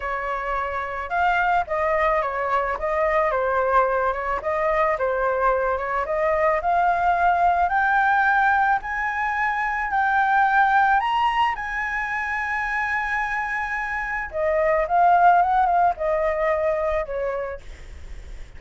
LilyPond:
\new Staff \with { instrumentName = "flute" } { \time 4/4 \tempo 4 = 109 cis''2 f''4 dis''4 | cis''4 dis''4 c''4. cis''8 | dis''4 c''4. cis''8 dis''4 | f''2 g''2 |
gis''2 g''2 | ais''4 gis''2.~ | gis''2 dis''4 f''4 | fis''8 f''8 dis''2 cis''4 | }